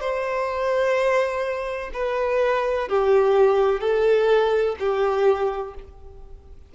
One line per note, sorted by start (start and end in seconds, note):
0.00 1.90 C5
1.94 2.89 B4
2.89 3.81 G4
3.81 4.76 A4
4.80 5.75 G4